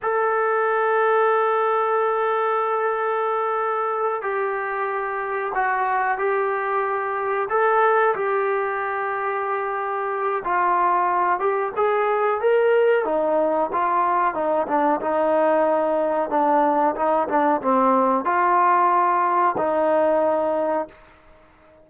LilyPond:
\new Staff \with { instrumentName = "trombone" } { \time 4/4 \tempo 4 = 92 a'1~ | a'2~ a'8 g'4.~ | g'8 fis'4 g'2 a'8~ | a'8 g'2.~ g'8 |
f'4. g'8 gis'4 ais'4 | dis'4 f'4 dis'8 d'8 dis'4~ | dis'4 d'4 dis'8 d'8 c'4 | f'2 dis'2 | }